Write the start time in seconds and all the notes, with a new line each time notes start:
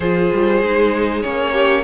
0.00 F3 F4 G#4 C5
0.32 G3
0.62 G#3 D#4
1.22 A#3 C#4 C#5
1.52 G4